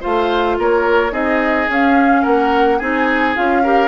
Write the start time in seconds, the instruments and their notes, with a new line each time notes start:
0.00 bassoon A3, clarinet F4, oboe C5, flute F5
0.58 bassoon A#3, oboe A#4, flute C#5
1.11 bassoon C4, clarinet D#4, oboe G#4, flute D#5
1.68 bassoon C#4, clarinet C#4, flute F5
2.22 bassoon A#3, oboe A#4, flute F#5
2.78 bassoon C4, clarinet D#4, oboe G#4, flute G#5
3.35 bassoon C#4, clarinet F4, flute F5
3.63 clarinet G4, oboe A#4